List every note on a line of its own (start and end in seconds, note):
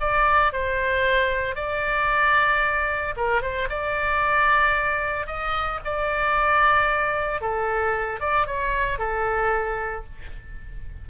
0.00 0.52 D5
0.52 1.55 C5
1.55 3.14 D5
3.16 3.42 A#4
3.42 3.68 C5
3.70 5.27 D5
5.27 5.80 D#5
5.84 7.41 D5
7.41 8.20 A4
8.20 8.46 D5
8.46 8.99 C#5
8.99 10.05 A4